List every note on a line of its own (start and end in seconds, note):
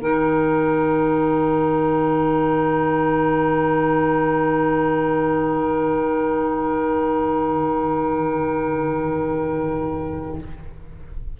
0.00 10.39 D#3
0.00 10.39 D#4
0.00 10.38 A#4
0.00 10.40 G5